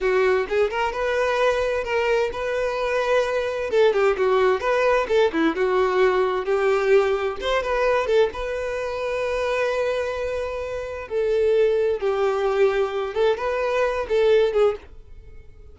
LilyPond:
\new Staff \with { instrumentName = "violin" } { \time 4/4 \tempo 4 = 130 fis'4 gis'8 ais'8 b'2 | ais'4 b'2. | a'8 g'8 fis'4 b'4 a'8 e'8 | fis'2 g'2 |
c''8 b'4 a'8 b'2~ | b'1 | a'2 g'2~ | g'8 a'8 b'4. a'4 gis'8 | }